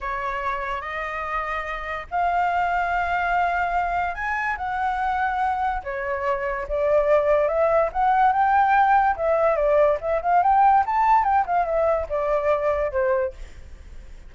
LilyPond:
\new Staff \with { instrumentName = "flute" } { \time 4/4 \tempo 4 = 144 cis''2 dis''2~ | dis''4 f''2.~ | f''2 gis''4 fis''4~ | fis''2 cis''2 |
d''2 e''4 fis''4 | g''2 e''4 d''4 | e''8 f''8 g''4 a''4 g''8 f''8 | e''4 d''2 c''4 | }